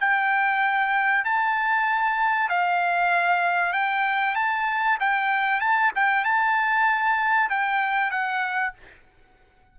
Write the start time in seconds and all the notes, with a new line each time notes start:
0.00 G5
1.24 A5
2.49 F5
3.73 G5
4.35 A5
5.00 G5
5.61 A5
5.95 G5
6.24 A5
7.49 G5
8.11 F#5